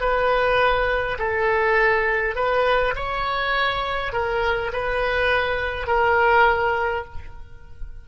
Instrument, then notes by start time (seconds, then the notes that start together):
oboe
0.00 B4
1.18 A4
2.35 B4
2.95 C#5
4.12 A#4
4.72 B4
5.87 A#4